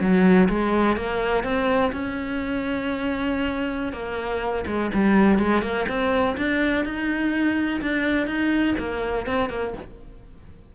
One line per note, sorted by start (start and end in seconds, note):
0.00 0.48 F#3
0.48 0.96 G#3
0.96 1.43 A#3
1.43 1.91 C4
1.92 3.93 C#4
3.93 4.65 A#3
4.66 4.90 G#3
4.94 5.38 G3
5.38 5.62 G#3
5.62 5.86 A#3
5.88 6.36 C4
6.37 6.84 D4
6.84 7.80 D#4
7.81 8.26 D4
8.26 8.74 D#4
8.78 9.26 A#3
9.26 9.49 C4
9.49 9.73 A#3